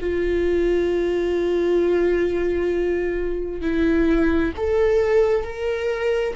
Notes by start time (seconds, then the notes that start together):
0.00 F4
3.61 E4
4.57 A4
5.44 A#4